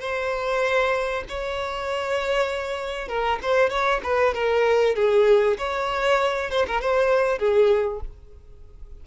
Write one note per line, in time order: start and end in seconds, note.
0.00 1.24 C5
1.28 3.08 C#5
3.08 3.39 A#4
3.42 3.69 C5
3.69 4.00 C#5
4.03 4.34 B4
4.34 4.95 A#4
4.95 5.57 G#4
5.58 6.50 C#5
6.50 6.66 C5
6.67 6.81 A#4
6.81 7.38 C5
7.38 8.00 G#4